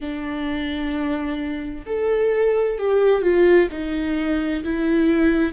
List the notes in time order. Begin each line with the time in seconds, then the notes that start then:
0.00 D4
1.85 A4
2.78 G4
3.22 F4
3.71 D#4
4.64 E4